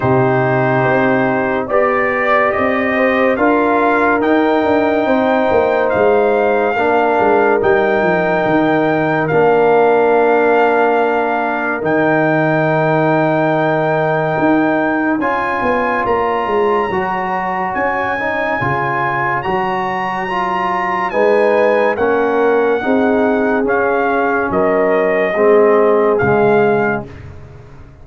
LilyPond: <<
  \new Staff \with { instrumentName = "trumpet" } { \time 4/4 \tempo 4 = 71 c''2 d''4 dis''4 | f''4 g''2 f''4~ | f''4 g''2 f''4~ | f''2 g''2~ |
g''2 gis''4 ais''4~ | ais''4 gis''2 ais''4~ | ais''4 gis''4 fis''2 | f''4 dis''2 f''4 | }
  \new Staff \with { instrumentName = "horn" } { \time 4/4 g'2 d''4. c''8 | ais'2 c''2 | ais'1~ | ais'1~ |
ais'2 cis''2~ | cis''1~ | cis''4 b'4 ais'4 gis'4~ | gis'4 ais'4 gis'2 | }
  \new Staff \with { instrumentName = "trombone" } { \time 4/4 dis'2 g'2 | f'4 dis'2. | d'4 dis'2 d'4~ | d'2 dis'2~ |
dis'2 f'2 | fis'4. dis'8 f'4 fis'4 | f'4 dis'4 cis'4 dis'4 | cis'2 c'4 gis4 | }
  \new Staff \with { instrumentName = "tuba" } { \time 4/4 c4 c'4 b4 c'4 | d'4 dis'8 d'8 c'8 ais8 gis4 | ais8 gis8 g8 f8 dis4 ais4~ | ais2 dis2~ |
dis4 dis'4 cis'8 b8 ais8 gis8 | fis4 cis'4 cis4 fis4~ | fis4 gis4 ais4 c'4 | cis'4 fis4 gis4 cis4 | }
>>